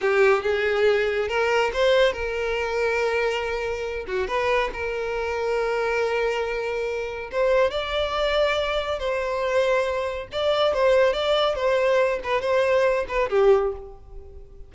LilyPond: \new Staff \with { instrumentName = "violin" } { \time 4/4 \tempo 4 = 140 g'4 gis'2 ais'4 | c''4 ais'2.~ | ais'4. fis'8 b'4 ais'4~ | ais'1~ |
ais'4 c''4 d''2~ | d''4 c''2. | d''4 c''4 d''4 c''4~ | c''8 b'8 c''4. b'8 g'4 | }